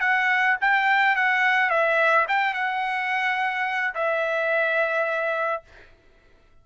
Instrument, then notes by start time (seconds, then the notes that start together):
trumpet
0.00 F#5
0.61 G5
1.15 F#5
1.69 E5
2.28 G5
2.54 F#5
3.94 E5